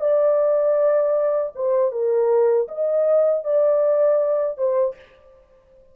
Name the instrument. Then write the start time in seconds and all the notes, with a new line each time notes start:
horn
0.00 D5
1.55 C5
1.91 A#4
2.68 D#5
3.43 D5
4.57 C5